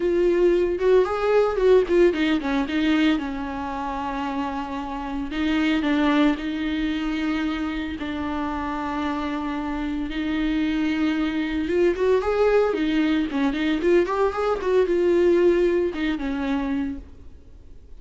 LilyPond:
\new Staff \with { instrumentName = "viola" } { \time 4/4 \tempo 4 = 113 f'4. fis'8 gis'4 fis'8 f'8 | dis'8 cis'8 dis'4 cis'2~ | cis'2 dis'4 d'4 | dis'2. d'4~ |
d'2. dis'4~ | dis'2 f'8 fis'8 gis'4 | dis'4 cis'8 dis'8 f'8 g'8 gis'8 fis'8 | f'2 dis'8 cis'4. | }